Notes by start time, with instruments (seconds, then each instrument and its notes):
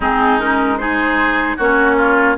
0.00 bassoon G#3, clarinet C4, oboe D#4, flute G#4
0.39 clarinet C#4, flute A#4
0.77 clarinet D#4, oboe G#4, flute C5
1.57 bassoon A#3, clarinet C#4, oboe F#4, flute C#5
1.96 oboe F4